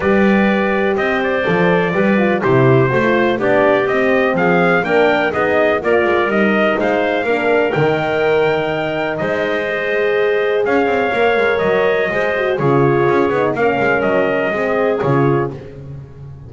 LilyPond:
<<
  \new Staff \with { instrumentName = "trumpet" } { \time 4/4 \tempo 4 = 124 d''2 dis''8 d''4.~ | d''4 c''2 d''4 | dis''4 f''4 g''4 dis''4 | d''4 dis''4 f''2 |
g''2. dis''4~ | dis''2 f''2 | dis''2 cis''2 | f''4 dis''2 cis''4 | }
  \new Staff \with { instrumentName = "clarinet" } { \time 4/4 b'2 c''2 | b'4 g'4 c''4 g'4~ | g'4 gis'4 ais'4 gis'4 | ais'2 c''4 ais'4~ |
ais'2. c''4~ | c''2 cis''2~ | cis''4 c''4 gis'2 | ais'2 gis'2 | }
  \new Staff \with { instrumentName = "horn" } { \time 4/4 g'2. a'4 | g'8 f'8 e'4 fis'16 f'8. d'4 | c'2 d'4 dis'4 | f'4 dis'2 d'4 |
dis'1 | gis'2. ais'4~ | ais'4 gis'8 fis'8 f'4. dis'8 | cis'2 c'4 f'4 | }
  \new Staff \with { instrumentName = "double bass" } { \time 4/4 g2 c'4 f4 | g4 c4 a4 b4 | c'4 f4 ais4 b4 | ais8 gis8 g4 gis4 ais4 |
dis2. gis4~ | gis2 cis'8 c'8 ais8 gis8 | fis4 gis4 cis4 cis'8 b8 | ais8 gis8 fis4 gis4 cis4 | }
>>